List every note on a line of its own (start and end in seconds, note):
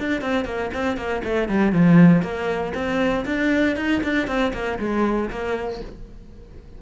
0.00 0.22 D4
0.22 0.46 C4
0.46 0.71 A#3
0.74 0.98 C4
0.98 1.23 A#3
1.24 1.49 A3
1.49 1.73 G3
1.73 2.23 F3
2.23 2.73 A#3
2.75 3.26 C4
3.26 3.77 D4
3.77 4.02 D#4
4.04 4.28 D4
4.28 4.53 C4
4.54 4.79 A#3
4.80 5.30 G#3
5.31 5.82 A#3